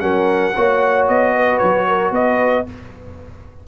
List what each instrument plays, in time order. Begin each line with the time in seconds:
0.00 tuba F#3, trombone C#4, horn A#4, trumpet F#5
0.55 tuba A#3, trombone F#4, horn C#5
1.08 tuba B3, trumpet D#5
1.36 horn B4
1.58 tuba F#3, trumpet C#5
1.87 horn A#4
2.11 tuba B3, horn B4, trumpet D#5